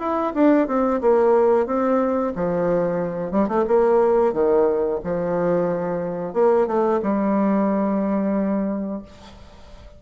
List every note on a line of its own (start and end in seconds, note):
0.00 0.33 E4
0.35 0.68 D4
0.68 1.01 C4
1.01 1.66 A#3
1.66 2.33 C4
2.36 3.32 F3
3.32 3.49 G3
3.49 3.65 A3
3.68 4.33 A#3
4.33 5.00 D#3
5.05 6.34 F3
6.34 6.67 A#3
6.68 7.01 A3
7.03 9.03 G3